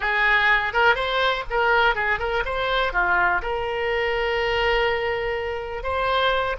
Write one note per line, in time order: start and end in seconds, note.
0.00 0.73 G#4
0.73 0.95 A#4
0.95 1.44 C5
1.50 1.95 A#4
1.95 2.19 G#4
2.19 2.43 A#4
2.45 2.92 C5
2.92 3.41 F4
3.41 5.83 A#4
5.83 6.56 C5